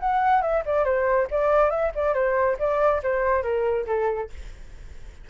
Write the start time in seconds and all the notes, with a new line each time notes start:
0.00 F#5
0.42 E5
0.66 D5
0.85 C5
1.31 D5
1.71 E5
1.95 D5
2.14 C5
2.59 D5
3.03 C5
3.43 A#4
3.87 A4